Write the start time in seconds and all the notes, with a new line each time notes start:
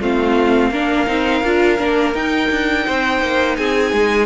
0.00 A3 C4 F4 F5
0.70 A#3 D4 A#4
1.06 C4 D#4
1.43 D4 F4
1.78 A#3 D4
2.14 D#4 G5
2.51 D4
2.85 C4 C5
3.21 A#3
3.56 C4 G#4 G#5
3.92 G#3